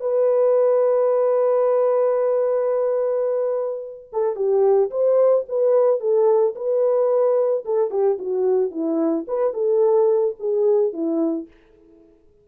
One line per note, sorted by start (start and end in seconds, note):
0.00 4.09 B4
4.12 4.36 A4
4.36 4.90 G4
4.90 5.45 C5
5.48 6.00 B4
6.00 6.55 A4
6.55 7.64 B4
7.65 7.91 A4
7.91 8.18 G4
8.18 8.71 F#4
8.71 9.25 E4
9.27 9.53 B4
9.53 10.35 A4
10.39 10.93 G#4
10.93 11.47 E4